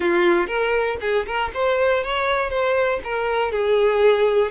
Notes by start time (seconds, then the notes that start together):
0.00 F4
0.47 A#4
1.00 G#4
1.26 A#4
1.54 C5
2.03 C#5
2.50 C5
3.04 A#4
3.51 G#4